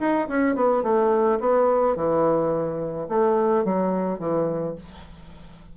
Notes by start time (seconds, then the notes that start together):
0.00 D#4
0.28 C#4
0.56 B3
0.83 A3
1.40 B3
1.96 E3
3.09 A3
3.65 F#3
4.20 E3